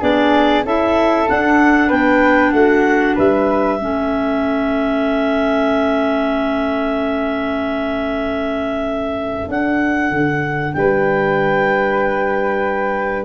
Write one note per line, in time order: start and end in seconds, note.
0.00 0.64 B3
0.00 0.63 D4
0.00 0.64 G#4
0.00 0.65 D5
0.64 1.27 C#4
0.64 1.27 E4
0.64 1.87 A4
0.64 1.29 E5
1.27 3.79 D4
1.27 1.91 D4
1.27 1.90 F#5
1.87 2.53 B3
1.87 2.50 B4
1.87 2.51 G5
2.51 3.16 A3
2.51 3.15 F#4
2.51 3.14 F#5
3.15 3.80 G3
3.15 3.77 B4
3.15 9.49 E5
3.77 9.48 A3
3.77 9.48 C#4
3.77 10.72 A4
9.48 13.24 D4
9.48 10.10 D4
9.48 10.72 F#5
10.10 10.73 D3
10.72 13.24 G3
10.72 13.24 B4
10.72 13.24 G5